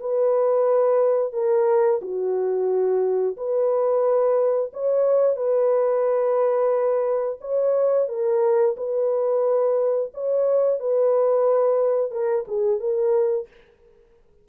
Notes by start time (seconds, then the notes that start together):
0.00 B4
1.33 A#4
2.02 F#4
3.37 B4
4.73 C#5
5.37 B4
7.41 C#5
8.08 A#4
8.77 B4
10.14 C#5
10.80 B4
12.11 A#4
12.47 G#4
12.80 A#4